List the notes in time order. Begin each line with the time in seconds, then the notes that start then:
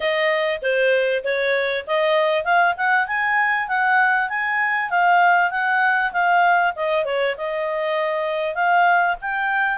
0.00 D#5
0.62 C5
1.24 C#5
1.86 D#5
2.44 F5
2.76 F#5
3.07 G#5
3.68 F#5
4.29 G#5
4.90 F5
5.50 F#5
6.12 F5
6.75 D#5
7.05 C#5
7.37 D#5
8.54 F5
9.21 G5